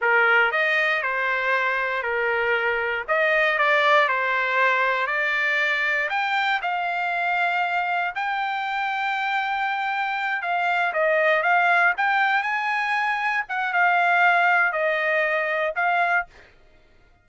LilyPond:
\new Staff \with { instrumentName = "trumpet" } { \time 4/4 \tempo 4 = 118 ais'4 dis''4 c''2 | ais'2 dis''4 d''4 | c''2 d''2 | g''4 f''2. |
g''1~ | g''8 f''4 dis''4 f''4 g''8~ | g''8 gis''2 fis''8 f''4~ | f''4 dis''2 f''4 | }